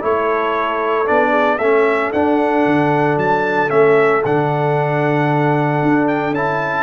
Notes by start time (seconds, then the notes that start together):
0.00 A3 E4 A4 C#5
1.06 B3 D4 D5
1.30 G#4
1.58 A3 C#4 A4 E5
2.13 D4 F#5
2.65 D3
3.17 F#3 A5
3.69 A3 C#4 E5
4.25 D3 D4 F#5
5.82 D4
6.07 G5
6.31 C#4 E4 A5